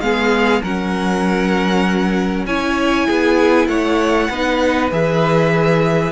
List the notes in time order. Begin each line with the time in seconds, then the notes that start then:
0.00 G#3 B3 G#4 F5
0.62 F#3 C#4 A#4 F#5
2.46 C#4 E4 C#5 G#5
3.07 B3 G#4
3.67 A3 C#5 F#5
4.29 B3 D#4 B4
4.91 E3 G#4 E5